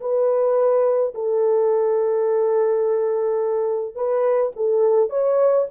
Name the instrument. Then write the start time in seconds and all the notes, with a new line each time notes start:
horn
0.00 B4
1.14 A4
3.95 B4
4.55 A4
5.09 C#5